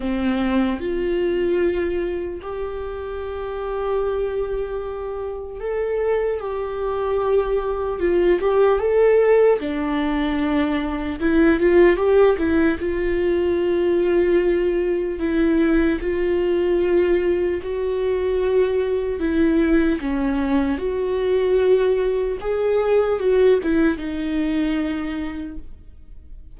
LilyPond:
\new Staff \with { instrumentName = "viola" } { \time 4/4 \tempo 4 = 75 c'4 f'2 g'4~ | g'2. a'4 | g'2 f'8 g'8 a'4 | d'2 e'8 f'8 g'8 e'8 |
f'2. e'4 | f'2 fis'2 | e'4 cis'4 fis'2 | gis'4 fis'8 e'8 dis'2 | }